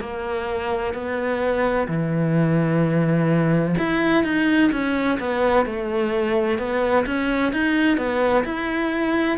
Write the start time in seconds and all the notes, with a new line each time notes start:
0.00 A#3
0.93 B3
1.87 E3
3.78 E4
4.24 D#4
4.72 C#4
5.19 B3
5.65 A3
6.58 B3
7.06 C#4
7.52 D#4
7.97 B3
8.45 E4